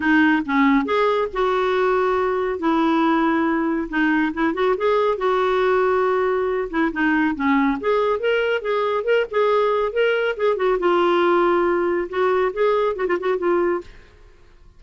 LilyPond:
\new Staff \with { instrumentName = "clarinet" } { \time 4/4 \tempo 4 = 139 dis'4 cis'4 gis'4 fis'4~ | fis'2 e'2~ | e'4 dis'4 e'8 fis'8 gis'4 | fis'2.~ fis'8 e'8 |
dis'4 cis'4 gis'4 ais'4 | gis'4 ais'8 gis'4. ais'4 | gis'8 fis'8 f'2. | fis'4 gis'4 fis'16 f'16 fis'8 f'4 | }